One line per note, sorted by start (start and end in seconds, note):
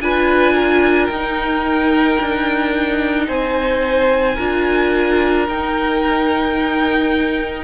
0.00 1.09 D4
0.00 1.11 F4
0.00 0.53 B4
0.00 1.06 G#5
0.53 3.26 A#4
1.06 2.18 D#4
1.06 3.25 G5
1.13 4.39 D#4
2.20 3.28 D4
3.28 4.37 C4
3.28 4.35 C5
3.28 5.46 G#5
4.35 5.48 D4
4.35 5.48 F4
4.35 7.63 A#4
5.48 7.64 D#4
5.48 7.64 G5